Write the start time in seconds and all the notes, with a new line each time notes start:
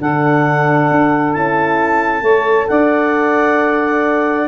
0.00 D3 D4 A4 F#5
0.91 D4
1.34 C#4 E4 A5
2.22 A3 A4 C#5
2.69 D4 D5 F#5